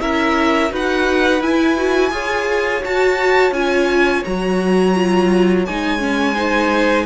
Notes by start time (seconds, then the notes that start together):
0.00 C#4 E4 A#4 E5
0.70 D#4 F#4 B4 F#5
1.41 E4 G#5
1.77 F#4
2.11 F4 G#4 C#5
2.81 F#4 A5
3.51 C#4 F4 G#5
4.24 F#3 F#4 A#5
4.95 F4
5.65 G#3 D#4 G#5
5.99 C#4
6.34 D#4 C5